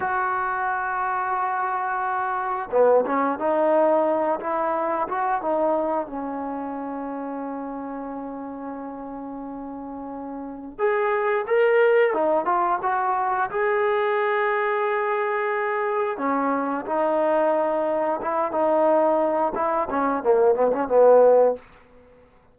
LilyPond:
\new Staff \with { instrumentName = "trombone" } { \time 4/4 \tempo 4 = 89 fis'1 | b8 cis'8 dis'4. e'4 fis'8 | dis'4 cis'2.~ | cis'1 |
gis'4 ais'4 dis'8 f'8 fis'4 | gis'1 | cis'4 dis'2 e'8 dis'8~ | dis'4 e'8 cis'8 ais8 b16 cis'16 b4 | }